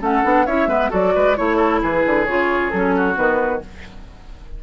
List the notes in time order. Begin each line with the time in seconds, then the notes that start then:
0.00 A3 C#4 A4 F#5
0.23 B3 D4
0.45 C#4 E4 C#5 E5
0.67 G#3 B3 B4
0.90 F#3 F#4 A4 D5
1.15 G#3 B4
1.36 A3 E4 C#5
1.56 A4
1.81 E3 G#4 B4
2.05 D3
2.25 C#3 F4 C#5
2.70 F#3 C#4 A4
2.95 F#4
3.15 D#3 B3 B4